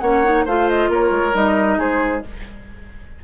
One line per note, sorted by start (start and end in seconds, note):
0.00 0.46 A#3
0.00 0.24 C#4
0.00 0.45 C#5
0.00 0.44 F#5
0.24 0.46 D#4
0.45 0.89 A3
0.45 1.33 F4
0.45 0.89 C5
0.45 0.69 F5
0.69 0.91 D#5
0.89 1.11 A#3
0.89 1.78 A#4
0.89 1.36 C#5
1.11 1.33 G#3
1.33 1.78 G3
1.33 2.22 D#4
1.33 1.80 D#5
1.78 2.23 G#3
1.78 2.23 G#4
1.78 2.24 C5